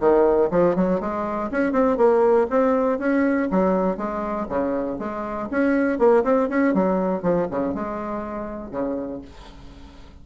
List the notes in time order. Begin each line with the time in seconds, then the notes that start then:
0.00 D#3
0.51 F3
0.76 F#3
1.00 G#3
1.51 C#4
1.72 C4
1.97 A#3
2.50 C4
2.99 C#4
3.51 F#3
3.97 G#3
4.49 C#3
4.99 G#3
5.51 C#4
5.99 A#3
6.24 C4
6.49 C#4
6.74 F#3
7.22 F3
7.51 C#3
7.74 G#3
8.71 C#3